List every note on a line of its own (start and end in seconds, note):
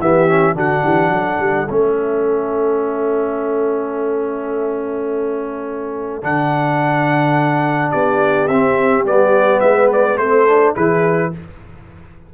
0.00 0.55 E3
0.00 0.29 B3
0.00 0.56 G4
0.00 0.57 E5
0.29 0.55 C#4
0.55 0.83 D3
0.55 1.68 D4
0.55 0.84 F#4
0.55 1.71 F#5
0.84 1.10 E3
0.84 1.12 G4
1.10 1.38 F#3
1.10 7.91 A4
1.40 1.68 G3
1.70 6.23 A3
1.70 6.22 C#4
1.70 6.24 E5
6.22 7.93 D3
6.22 8.49 D4
6.22 7.92 F#5
7.91 8.49 B3
7.91 9.61 G4
7.91 8.48 D5
8.48 9.05 C4
8.48 9.06 C4
8.48 9.04 E5
9.05 9.61 G3
9.05 10.19 B3
9.05 9.60 D5
9.60 10.17 G#3
9.60 10.17 B4
9.60 9.88 E5
9.93 10.18 D5
10.17 10.74 A3
10.17 10.48 C4
10.17 10.76 A4
10.17 10.75 C5
10.48 10.76 D4
10.76 11.34 E3
10.76 11.32 E4
10.76 11.32 G#4
10.76 11.33 B4